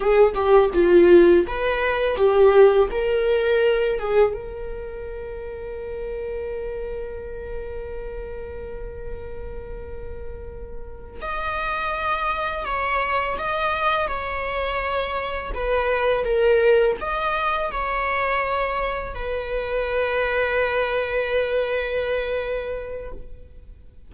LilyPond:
\new Staff \with { instrumentName = "viola" } { \time 4/4 \tempo 4 = 83 gis'8 g'8 f'4 b'4 g'4 | ais'4. gis'8 ais'2~ | ais'1~ | ais'2.~ ais'8 dis''8~ |
dis''4. cis''4 dis''4 cis''8~ | cis''4. b'4 ais'4 dis''8~ | dis''8 cis''2 b'4.~ | b'1 | }